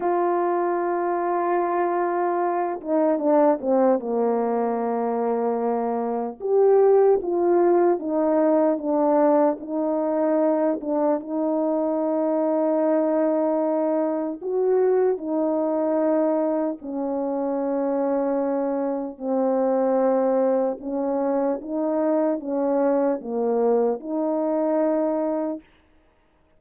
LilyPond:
\new Staff \with { instrumentName = "horn" } { \time 4/4 \tempo 4 = 75 f'2.~ f'8 dis'8 | d'8 c'8 ais2. | g'4 f'4 dis'4 d'4 | dis'4. d'8 dis'2~ |
dis'2 fis'4 dis'4~ | dis'4 cis'2. | c'2 cis'4 dis'4 | cis'4 ais4 dis'2 | }